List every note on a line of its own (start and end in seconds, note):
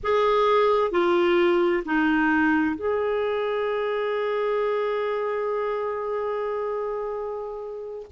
0.03 0.91 G#4
0.91 1.83 F4
1.85 2.75 D#4
2.75 8.06 G#4